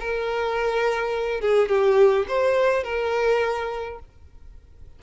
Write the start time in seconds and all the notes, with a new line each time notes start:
0.00 A#4
1.41 G#4
1.68 G4
2.28 C5
2.84 A#4